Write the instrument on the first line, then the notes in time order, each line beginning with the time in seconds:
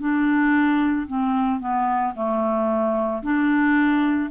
clarinet
0.00 D4
1.08 C4
1.61 B3
2.15 A3
3.23 D4